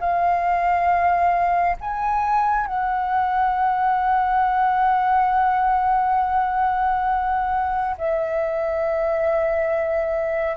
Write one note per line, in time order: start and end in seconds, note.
0.00 1.76 F5
1.80 2.66 G#5
2.66 7.96 F#5
7.97 10.57 E5